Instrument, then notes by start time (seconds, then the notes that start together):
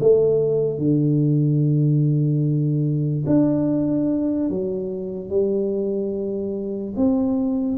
tuba
0.00 A3
0.78 D3
3.27 D4
4.50 F#3
5.30 G3
6.96 C4